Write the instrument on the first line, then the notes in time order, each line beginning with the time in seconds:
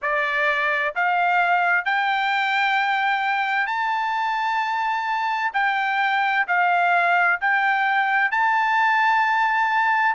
trumpet
0.02 D5
0.95 F5
1.85 G5
3.66 A5
5.53 G5
6.47 F5
7.41 G5
8.31 A5